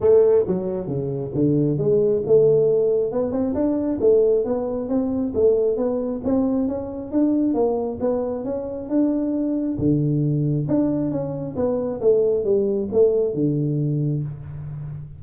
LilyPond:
\new Staff \with { instrumentName = "tuba" } { \time 4/4 \tempo 4 = 135 a4 fis4 cis4 d4 | gis4 a2 b8 c'8 | d'4 a4 b4 c'4 | a4 b4 c'4 cis'4 |
d'4 ais4 b4 cis'4 | d'2 d2 | d'4 cis'4 b4 a4 | g4 a4 d2 | }